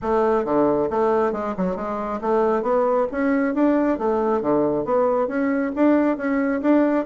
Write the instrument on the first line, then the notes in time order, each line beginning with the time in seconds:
bassoon
0.02 A3
0.44 D3
0.89 A3
1.32 G#3
1.57 F#3
1.76 G#3
2.21 A3
2.62 B3
3.11 C#4
3.54 D4
3.98 A3
4.41 D3
4.84 B3
5.27 C#4
5.75 D4
6.17 C#4
6.61 D4